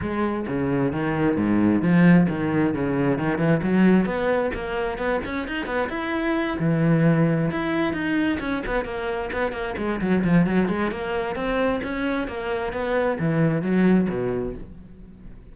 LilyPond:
\new Staff \with { instrumentName = "cello" } { \time 4/4 \tempo 4 = 132 gis4 cis4 dis4 gis,4 | f4 dis4 cis4 dis8 e8 | fis4 b4 ais4 b8 cis'8 | dis'8 b8 e'4. e4.~ |
e8 e'4 dis'4 cis'8 b8 ais8~ | ais8 b8 ais8 gis8 fis8 f8 fis8 gis8 | ais4 c'4 cis'4 ais4 | b4 e4 fis4 b,4 | }